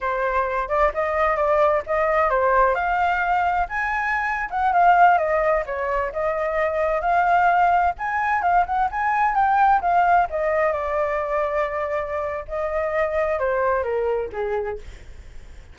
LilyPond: \new Staff \with { instrumentName = "flute" } { \time 4/4 \tempo 4 = 130 c''4. d''8 dis''4 d''4 | dis''4 c''4 f''2 | gis''4.~ gis''16 fis''8 f''4 dis''8.~ | dis''16 cis''4 dis''2 f''8.~ |
f''4~ f''16 gis''4 f''8 fis''8 gis''8.~ | gis''16 g''4 f''4 dis''4 d''8.~ | d''2. dis''4~ | dis''4 c''4 ais'4 gis'4 | }